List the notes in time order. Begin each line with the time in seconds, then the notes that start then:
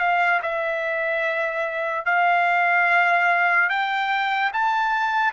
0.00 F5
0.43 E5
2.06 F5
3.70 G5
4.53 A5